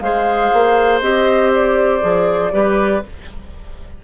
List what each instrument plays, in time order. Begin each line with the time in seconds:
0.00 bassoon G#3, clarinet G#4, oboe C5, flute F5
0.53 bassoon A#3
1.01 bassoon C4, clarinet G4, flute D#5
1.55 flute D5
2.01 bassoon F3, clarinet G#4
2.52 bassoon G3, clarinet G4, oboe B4